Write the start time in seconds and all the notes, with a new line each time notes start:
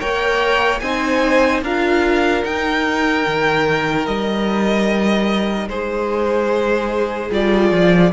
0.00 A#3 A#4 C#5 G5
0.80 C4 D#4 C5 G#5
1.62 D4 F4 A#4 F5
2.44 D#4 G5
3.27 D#3
4.06 G3 D#5
5.68 G#3 G#4 C5
7.31 G3 F4 D5
7.71 F3